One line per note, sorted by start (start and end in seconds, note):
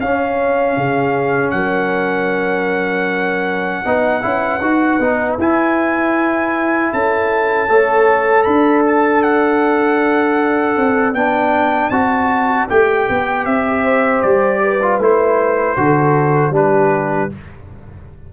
0.00 0.77 C#4
0.00 3.85 C#4
0.00 0.77 C#5
0.00 1.50 F5
0.77 1.53 C#3
0.77 1.54 G#4
1.50 3.84 F#3
1.50 3.86 A#4
1.50 5.35 F#5
3.85 4.24 B3
3.85 4.22 D#4
3.85 6.93 B4
4.22 4.60 C#4
4.22 4.60 E4
4.60 4.99 D#4
4.60 5.00 F#4
4.99 5.37 B3
4.99 5.39 D#4
5.38 6.92 E4
5.38 7.69 E4
5.38 6.93 G#5
6.93 7.69 C#4
6.93 7.70 A4
6.93 8.43 A5
7.69 8.46 A3
7.69 11.15 A4
7.69 8.46 C#5
8.43 10.77 D4
8.43 13.83 D5
8.43 8.82 B5
8.87 9.23 A5
9.23 11.14 F#5
10.77 11.13 C4
11.13 11.90 B3
11.13 11.92 D4
11.13 11.90 G5
11.90 12.67 C4
11.90 12.69 F#4
11.90 12.67 A5
12.69 13.08 A3
12.69 14.81 G4
12.69 13.45 G5
13.09 13.46 B3
13.45 14.23 C4
13.45 14.22 E5
13.83 14.60 C5
14.22 14.99 G3
14.22 14.99 D5
14.63 15.78 B4
14.82 15.01 F4
14.99 15.76 A3
14.99 15.77 E4
14.99 16.55 C5
15.77 16.50 D3
15.77 16.52 F#4
15.77 16.55 A4
16.50 17.27 G3
16.50 17.29 D4
16.50 17.33 G4
16.50 17.32 B4